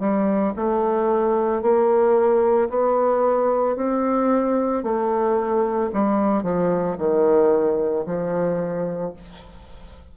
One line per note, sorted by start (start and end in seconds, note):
0.00 0.53 G3
0.56 1.62 A3
1.62 2.69 A#3
2.69 3.76 B3
3.76 4.83 C4
4.84 5.91 A3
5.93 6.43 G3
6.43 6.96 F3
6.98 8.06 D#3
8.06 9.13 F3